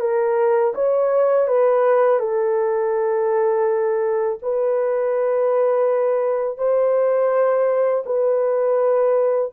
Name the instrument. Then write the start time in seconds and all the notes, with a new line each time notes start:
horn
0.00 A#4
0.75 C#5
1.47 B4
2.19 A4
4.42 B4
6.57 C5
8.05 B4